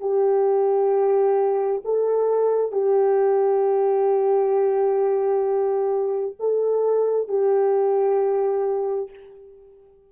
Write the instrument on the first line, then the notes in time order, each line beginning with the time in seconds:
horn
0.00 G4
1.85 A4
2.71 G4
6.39 A4
7.28 G4